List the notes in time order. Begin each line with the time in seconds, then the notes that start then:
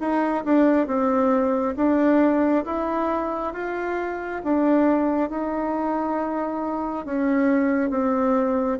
0.00 D#4
0.45 D4
0.87 C4
1.76 D4
2.65 E4
3.53 F4
4.44 D4
5.30 D#4
7.05 C#4
7.90 C4